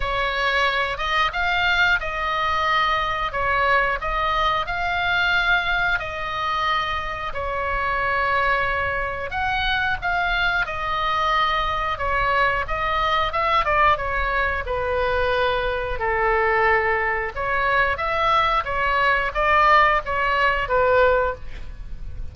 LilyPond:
\new Staff \with { instrumentName = "oboe" } { \time 4/4 \tempo 4 = 90 cis''4. dis''8 f''4 dis''4~ | dis''4 cis''4 dis''4 f''4~ | f''4 dis''2 cis''4~ | cis''2 fis''4 f''4 |
dis''2 cis''4 dis''4 | e''8 d''8 cis''4 b'2 | a'2 cis''4 e''4 | cis''4 d''4 cis''4 b'4 | }